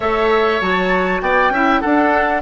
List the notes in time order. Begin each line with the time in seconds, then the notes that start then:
0.00 A3 A4 C#5 E5
0.60 F#3 F#4 A5
1.21 B3 D5 G5
1.49 C#4 E4 E5
1.80 D4 A4 F#5